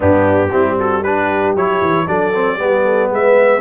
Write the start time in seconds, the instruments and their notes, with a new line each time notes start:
0.00 tuba G2, trombone B3, horn D4, trumpet G4
0.51 tuba G3, trombone C4, horn E4
0.79 horn F#4, trumpet A4
1.02 trombone D4, horn G4, trumpet B4
1.55 tuba F#3, trombone E4, trumpet C#5
1.81 tuba E3
2.07 tuba F#3, trombone D4, horn A4, trumpet D5
2.34 trombone C4
2.57 tuba G3, trombone B3, horn G4
2.84 horn A4
3.09 tuba G#3, horn B4, trumpet E5